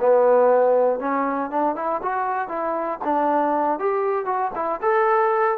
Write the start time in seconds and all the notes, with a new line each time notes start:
0.00 B3
0.99 C#4
1.50 D4
1.75 E4
2.02 F#4
2.48 E4
3.04 D4
3.79 G4
4.26 F#4
4.55 E4
4.82 A4